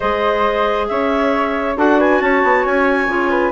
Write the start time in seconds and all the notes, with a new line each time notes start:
0.00 G#3 G#4 C5 D#5
0.87 C#4 C#5 E5
1.76 D4 F#4 A4 F#5
1.98 B4 G#5
2.20 C#4 C#5 A5
2.43 B3
2.64 C#4 G#5
3.06 C#3 F4
3.30 B4